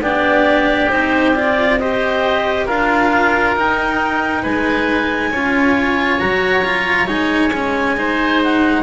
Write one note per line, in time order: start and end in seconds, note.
0.00 0.88 B3
0.00 0.90 D4
0.00 1.78 G4
0.00 0.90 D5
0.90 2.67 C4
0.90 1.34 D#4
0.90 1.34 C5
1.35 1.79 F4
1.35 1.78 D5
1.78 2.68 G4
1.78 2.66 C5
1.78 2.66 D#5
2.66 3.55 D4
2.66 3.56 F4
2.66 4.42 A#4
2.66 3.55 F5
3.55 4.44 D#4
3.55 5.32 D#4
3.55 4.43 G5
4.42 5.31 G#3
4.42 5.30 B4
4.42 6.19 G#5
5.31 6.19 C#4
5.31 6.19 F4
5.31 7.95 C#5
6.19 7.07 F#3
6.19 6.63 F#4
6.19 7.07 A#5
6.64 7.06 F4
7.06 8.83 G#3
7.06 7.51 D#4
7.06 8.41 G#5
7.53 7.96 C#4
7.96 8.83 D#4
7.96 8.83 C5
8.43 8.83 F#5